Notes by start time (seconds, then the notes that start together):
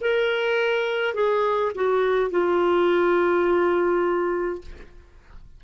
0.00 A#4
1.14 G#4
1.75 F#4
2.31 F4